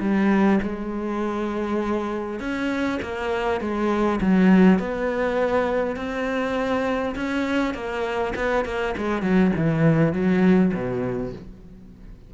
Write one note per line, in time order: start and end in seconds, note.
0.00 0.59 G3
0.63 2.40 G#3
2.40 2.99 C#4
3.02 3.60 A#3
3.60 4.20 G#3
4.21 4.79 F#3
4.79 5.96 B3
5.96 7.15 C4
7.16 7.74 C#4
7.74 8.34 A#3
8.35 8.65 B3
8.65 8.95 A#3
8.98 9.22 G#3
9.22 9.52 F#3
9.56 10.13 E3
10.13 10.73 F#3
10.74 11.33 B2